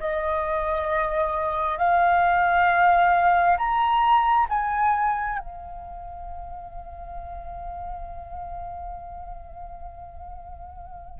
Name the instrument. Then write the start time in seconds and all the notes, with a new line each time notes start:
flute
0.00 D#5
1.78 F5
3.57 A#5
4.49 G#5
5.39 F5